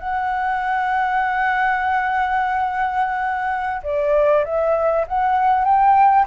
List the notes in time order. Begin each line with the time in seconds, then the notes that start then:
0.00 F#5
3.83 D5
4.45 E5
5.08 F#5
5.65 G5